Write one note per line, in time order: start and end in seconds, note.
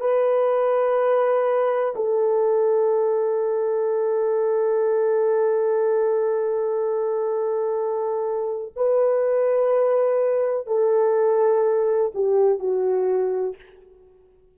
0.00 1.94 B4
1.95 8.73 A4
8.76 10.67 B4
10.67 12.12 A4
12.14 12.59 G4
12.59 13.56 F#4